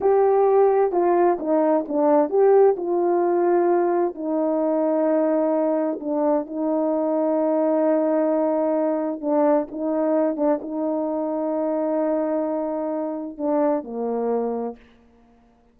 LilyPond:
\new Staff \with { instrumentName = "horn" } { \time 4/4 \tempo 4 = 130 g'2 f'4 dis'4 | d'4 g'4 f'2~ | f'4 dis'2.~ | dis'4 d'4 dis'2~ |
dis'1 | d'4 dis'4. d'8 dis'4~ | dis'1~ | dis'4 d'4 ais2 | }